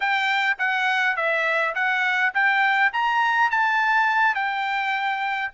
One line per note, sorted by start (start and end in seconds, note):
0.00 0.57 G5
0.58 1.16 F#5
1.16 1.74 E5
1.74 2.33 F#5
2.34 2.92 G5
2.92 3.50 A#5
3.50 4.34 A5
4.34 5.51 G5